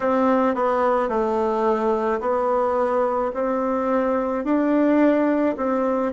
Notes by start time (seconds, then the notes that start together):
0.00 C4
0.55 B3
1.09 A3
2.20 B3
3.33 C4
4.44 D4
5.56 C4